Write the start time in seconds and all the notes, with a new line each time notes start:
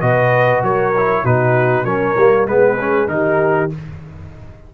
0.00 B2 F#4 B4 D#5
0.62 F#3 A#4 C#5
0.97 E4
1.22 B2 D#4 F#4 B4
1.84 F#3 C#4 A#4 C#5
2.17 G3 A#3
2.46 G#3 B3 G#4 B4
2.80 C#4
3.07 D#3 D#4 G4 A#4